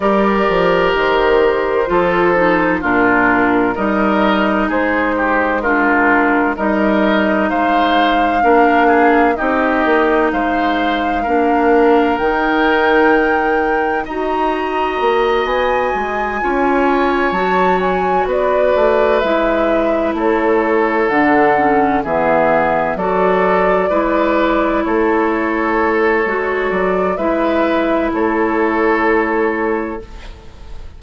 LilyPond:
<<
  \new Staff \with { instrumentName = "flute" } { \time 4/4 \tempo 4 = 64 d''4 c''2 ais'4 | dis''4 c''4 ais'4 dis''4 | f''2 dis''4 f''4~ | f''4 g''2 ais''4~ |
ais''8 gis''2 a''8 gis''8 d''8~ | d''8 e''4 cis''4 fis''4 e''8~ | e''8 d''2 cis''4.~ | cis''8 d''8 e''4 cis''2 | }
  \new Staff \with { instrumentName = "oboe" } { \time 4/4 ais'2 a'4 f'4 | ais'4 gis'8 g'8 f'4 ais'4 | c''4 ais'8 gis'8 g'4 c''4 | ais'2. dis''4~ |
dis''4. cis''2 b'8~ | b'4. a'2 gis'8~ | gis'8 a'4 b'4 a'4.~ | a'4 b'4 a'2 | }
  \new Staff \with { instrumentName = "clarinet" } { \time 4/4 g'2 f'8 dis'8 d'4 | dis'2 d'4 dis'4~ | dis'4 d'4 dis'2 | d'4 dis'2 fis'4~ |
fis'4. f'4 fis'4.~ | fis'8 e'2 d'8 cis'8 b8~ | b8 fis'4 e'2~ e'8 | fis'4 e'2. | }
  \new Staff \with { instrumentName = "bassoon" } { \time 4/4 g8 f8 dis4 f4 ais,4 | g4 gis2 g4 | gis4 ais4 c'8 ais8 gis4 | ais4 dis2 dis'4 |
ais8 b8 gis8 cis'4 fis4 b8 | a8 gis4 a4 d4 e8~ | e8 fis4 gis4 a4. | gis8 fis8 gis4 a2 | }
>>